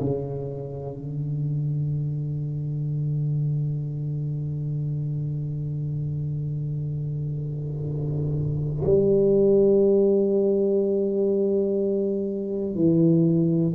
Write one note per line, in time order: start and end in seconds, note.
0.00 0.96 C#3
0.96 8.83 D3
8.84 12.75 G3
12.75 13.73 E3